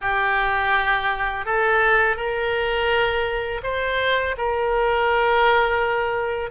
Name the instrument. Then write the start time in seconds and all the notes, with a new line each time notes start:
oboe
0.01 G4
1.45 A4
2.16 A#4
3.63 C5
4.37 A#4